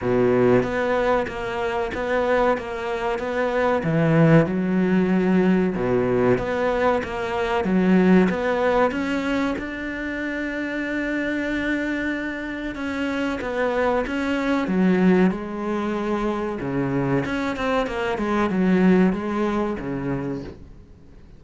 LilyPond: \new Staff \with { instrumentName = "cello" } { \time 4/4 \tempo 4 = 94 b,4 b4 ais4 b4 | ais4 b4 e4 fis4~ | fis4 b,4 b4 ais4 | fis4 b4 cis'4 d'4~ |
d'1 | cis'4 b4 cis'4 fis4 | gis2 cis4 cis'8 c'8 | ais8 gis8 fis4 gis4 cis4 | }